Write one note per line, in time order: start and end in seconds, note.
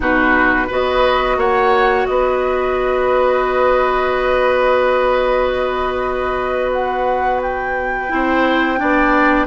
0.00 0.68 B2
0.00 0.68 D#4
0.00 0.67 F#4
0.00 0.70 B4
0.67 1.36 B3
0.67 8.09 F#4
0.67 1.36 B4
0.67 1.39 D#5
1.36 2.05 A#3
1.36 2.07 C#5
1.36 2.06 F#5
2.06 8.11 B3
2.06 8.13 B4
2.06 6.71 D#5
6.72 7.41 F#5
7.42 9.46 G5
8.09 8.80 C4
8.09 8.77 E4
8.09 8.79 C5
8.77 9.46 B3
8.77 9.46 D4
8.77 9.46 D5